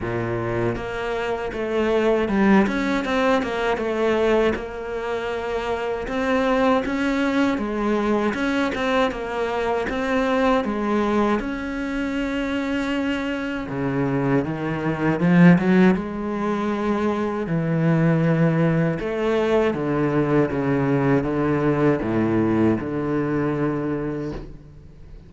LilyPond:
\new Staff \with { instrumentName = "cello" } { \time 4/4 \tempo 4 = 79 ais,4 ais4 a4 g8 cis'8 | c'8 ais8 a4 ais2 | c'4 cis'4 gis4 cis'8 c'8 | ais4 c'4 gis4 cis'4~ |
cis'2 cis4 dis4 | f8 fis8 gis2 e4~ | e4 a4 d4 cis4 | d4 a,4 d2 | }